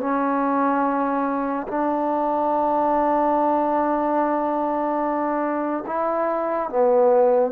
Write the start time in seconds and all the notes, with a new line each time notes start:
0.00 C#4
1.67 D4
5.86 E4
6.69 B3